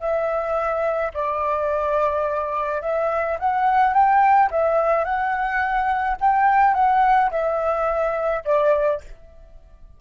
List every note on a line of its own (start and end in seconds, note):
0.00 1.12 E5
1.14 2.82 D5
2.82 3.38 E5
3.39 3.94 F#5
3.94 4.50 G5
4.51 5.04 E5
5.04 6.17 F#5
6.20 6.74 G5
6.74 7.30 F#5
7.31 8.43 E5
8.45 9.01 D5